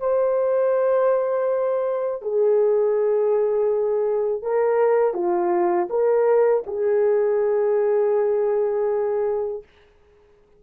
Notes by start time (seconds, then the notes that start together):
0.00 C5
2.22 G#4
4.42 A#4
5.14 F4
5.90 A#4
6.67 G#4